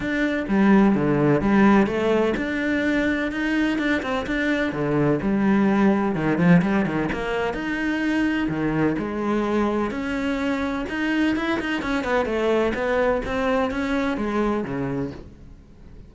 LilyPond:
\new Staff \with { instrumentName = "cello" } { \time 4/4 \tempo 4 = 127 d'4 g4 d4 g4 | a4 d'2 dis'4 | d'8 c'8 d'4 d4 g4~ | g4 dis8 f8 g8 dis8 ais4 |
dis'2 dis4 gis4~ | gis4 cis'2 dis'4 | e'8 dis'8 cis'8 b8 a4 b4 | c'4 cis'4 gis4 cis4 | }